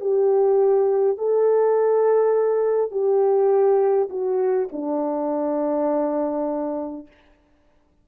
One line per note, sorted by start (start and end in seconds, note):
0.00 1.18 G4
1.18 2.91 A4
2.91 4.09 G4
4.10 4.68 F#4
4.72 7.07 D4